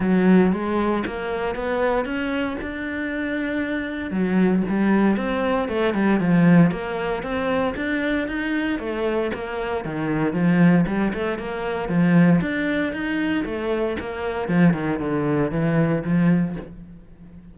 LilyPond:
\new Staff \with { instrumentName = "cello" } { \time 4/4 \tempo 4 = 116 fis4 gis4 ais4 b4 | cis'4 d'2. | fis4 g4 c'4 a8 g8 | f4 ais4 c'4 d'4 |
dis'4 a4 ais4 dis4 | f4 g8 a8 ais4 f4 | d'4 dis'4 a4 ais4 | f8 dis8 d4 e4 f4 | }